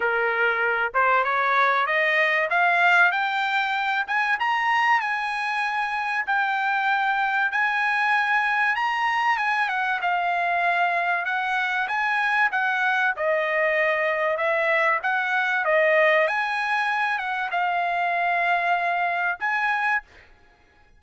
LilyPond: \new Staff \with { instrumentName = "trumpet" } { \time 4/4 \tempo 4 = 96 ais'4. c''8 cis''4 dis''4 | f''4 g''4. gis''8 ais''4 | gis''2 g''2 | gis''2 ais''4 gis''8 fis''8 |
f''2 fis''4 gis''4 | fis''4 dis''2 e''4 | fis''4 dis''4 gis''4. fis''8 | f''2. gis''4 | }